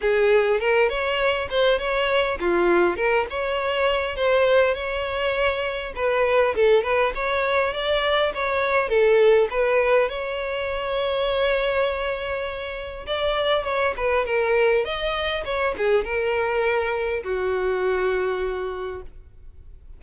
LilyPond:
\new Staff \with { instrumentName = "violin" } { \time 4/4 \tempo 4 = 101 gis'4 ais'8 cis''4 c''8 cis''4 | f'4 ais'8 cis''4. c''4 | cis''2 b'4 a'8 b'8 | cis''4 d''4 cis''4 a'4 |
b'4 cis''2.~ | cis''2 d''4 cis''8 b'8 | ais'4 dis''4 cis''8 gis'8 ais'4~ | ais'4 fis'2. | }